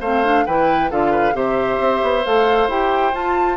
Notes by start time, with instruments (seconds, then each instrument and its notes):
0.00 bassoon A3, clarinet C4, oboe C5, flute F5
0.24 clarinet D4
0.46 bassoon E3, clarinet E4, oboe B4, flute G5
0.90 bassoon D3, clarinet F4, oboe A4, flute F5
1.11 oboe B4
1.32 bassoon C3, clarinet G4, oboe C5, flute E5
1.79 bassoon C4
2.02 bassoon B3
2.25 bassoon A3, clarinet A4, flute F5
2.67 bassoon E4, clarinet G4, flute G5
3.12 clarinet F4, bassoon F4, flute A5